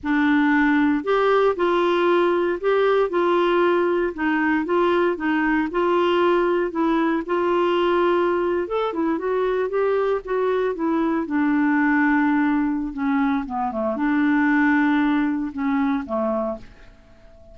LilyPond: \new Staff \with { instrumentName = "clarinet" } { \time 4/4 \tempo 4 = 116 d'2 g'4 f'4~ | f'4 g'4 f'2 | dis'4 f'4 dis'4 f'4~ | f'4 e'4 f'2~ |
f'8. a'8 e'8 fis'4 g'4 fis'16~ | fis'8. e'4 d'2~ d'16~ | d'4 cis'4 b8 a8 d'4~ | d'2 cis'4 a4 | }